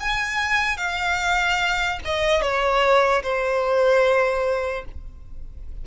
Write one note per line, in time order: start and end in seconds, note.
0.00 0.77 G#5
0.77 1.99 F5
2.05 2.41 D#5
2.41 3.22 C#5
3.23 4.85 C5